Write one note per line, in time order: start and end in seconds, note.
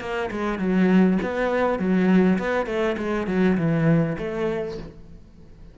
0.00 0.30 A#3
0.31 0.59 G#3
0.59 1.18 F#3
1.22 1.79 B3
1.79 2.38 F#3
2.39 2.66 B3
2.66 2.96 A3
2.97 3.27 G#3
3.27 3.57 F#3
3.57 4.17 E3
4.18 4.78 A3